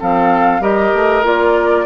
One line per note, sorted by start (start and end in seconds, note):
0.00 0.60 F3
0.00 0.61 C4
0.00 0.62 A4
0.00 0.62 F5
0.60 0.92 G3
0.60 1.24 G4
0.60 1.86 A#4
0.60 1.25 D#5
0.94 1.24 A3
1.24 1.86 A#3
1.24 1.86 F4
1.24 1.86 D5